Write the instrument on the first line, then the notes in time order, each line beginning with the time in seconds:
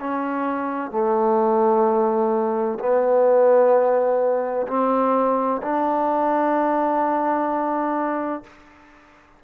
trombone
0.00 C#4
0.91 A3
2.80 B3
4.68 C4
5.62 D4